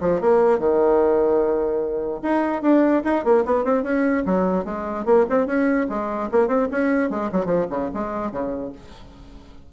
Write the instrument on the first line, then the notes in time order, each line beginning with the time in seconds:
bassoon
0.00 F3
0.20 A#3
0.58 D#3
2.22 D#4
2.62 D4
3.04 D#4
3.24 A#3
3.45 B3
3.64 C4
3.83 C#4
4.25 F#3
4.64 G#3
5.05 A#3
5.29 C4
5.46 C#4
5.89 G#3
6.31 A#3
6.47 C4
6.71 C#4
7.10 G#3
7.31 F#3
7.45 F3
7.69 C#3
7.93 G#3
8.31 C#3